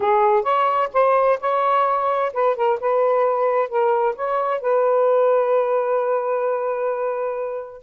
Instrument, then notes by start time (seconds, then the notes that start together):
saxophone
0.00 G#4
0.42 C#5
0.93 C5
1.40 C#5
2.33 B4
2.56 A#4
2.79 B4
3.68 A#4
4.15 C#5
4.60 B4